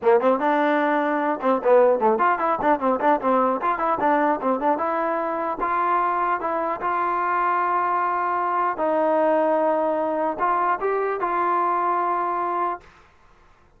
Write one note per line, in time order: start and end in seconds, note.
0.01 0.20 A#3
0.20 0.39 C4
0.39 1.39 D4
1.41 1.61 C4
1.63 1.99 B3
1.99 2.18 A3
2.18 2.38 F4
2.38 2.58 E4
2.61 2.79 D4
2.79 2.99 C4
3.00 3.20 D4
3.20 3.60 C4
3.61 3.78 F4
3.78 3.98 E4
4.00 4.40 D4
4.41 4.60 C4
4.60 4.78 D4
4.78 5.58 E4
5.60 6.40 F4
6.40 6.80 E4
6.80 8.77 F4
8.77 10.37 D#4
10.39 10.79 F4
10.80 11.20 G4
11.20 12.80 F4